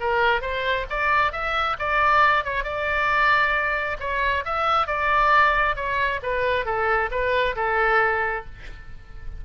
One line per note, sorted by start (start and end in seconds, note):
0.00 0.41 A#4
0.41 0.86 C5
0.90 1.32 D5
1.32 1.77 E5
1.79 2.44 D5
2.44 2.64 C#5
2.64 3.97 D5
3.99 4.44 C#5
4.45 4.87 E5
4.87 5.76 D5
5.76 6.20 C#5
6.23 6.65 B4
6.65 7.09 A4
7.11 7.55 B4
7.56 8.45 A4